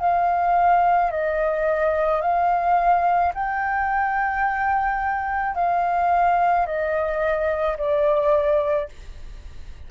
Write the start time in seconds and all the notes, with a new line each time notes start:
0.00 F5
1.11 D#5
2.22 F5
3.34 G5
5.55 F5
6.66 D#5
7.77 D5